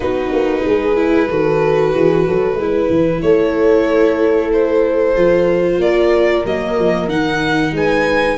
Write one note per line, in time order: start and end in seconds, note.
0.00 0.32 B3
0.00 0.95 D#4
0.00 0.65 F#4
0.00 3.21 B4
0.32 0.64 A#3
0.65 1.29 G#3
0.65 1.29 G#4
0.95 1.27 E4
1.29 1.93 D#3
1.29 2.58 F#4
1.29 1.93 A4
1.93 2.27 E3
1.93 2.26 G#4
2.27 2.54 F#3
2.27 2.59 A4
2.54 2.86 G#3
2.54 5.15 E4
2.62 3.23 B4
2.89 3.22 E3
3.21 5.16 A3
3.21 5.80 A4
3.21 4.50 C#5
4.53 5.81 C5
5.15 5.78 F3
5.15 6.44 F4
5.78 6.42 A#3
5.78 7.74 A#4
5.78 6.45 D5
6.45 6.77 F#3
6.45 7.09 A#3
6.45 7.09 D#5
6.78 7.07 F3
7.07 7.72 D#3
7.07 8.38 D#4
7.07 7.73 F#5
7.72 8.36 G#3
7.72 8.38 B4
7.72 8.38 G#5